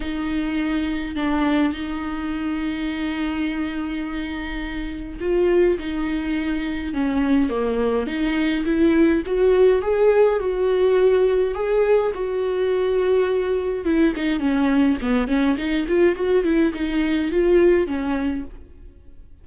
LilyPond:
\new Staff \with { instrumentName = "viola" } { \time 4/4 \tempo 4 = 104 dis'2 d'4 dis'4~ | dis'1~ | dis'4 f'4 dis'2 | cis'4 ais4 dis'4 e'4 |
fis'4 gis'4 fis'2 | gis'4 fis'2. | e'8 dis'8 cis'4 b8 cis'8 dis'8 f'8 | fis'8 e'8 dis'4 f'4 cis'4 | }